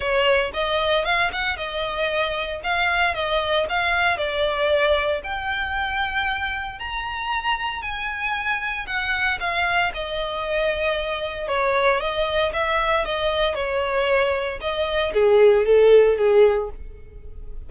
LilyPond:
\new Staff \with { instrumentName = "violin" } { \time 4/4 \tempo 4 = 115 cis''4 dis''4 f''8 fis''8 dis''4~ | dis''4 f''4 dis''4 f''4 | d''2 g''2~ | g''4 ais''2 gis''4~ |
gis''4 fis''4 f''4 dis''4~ | dis''2 cis''4 dis''4 | e''4 dis''4 cis''2 | dis''4 gis'4 a'4 gis'4 | }